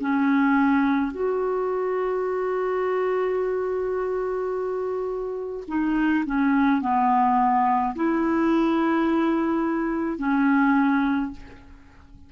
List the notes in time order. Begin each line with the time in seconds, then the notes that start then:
0.00 C#4
1.11 F#4
5.68 D#4
6.26 C#4
6.82 B3
7.95 E4
10.18 C#4